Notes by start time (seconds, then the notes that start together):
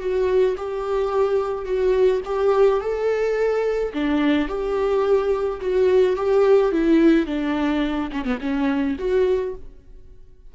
0.00 F#4
0.57 G4
1.65 F#4
2.25 G4
2.81 A4
3.94 D4
4.48 G4
5.61 F#4
6.17 G4
6.72 E4
7.26 D4
8.12 C#4
8.25 B3
8.41 C#4
8.99 F#4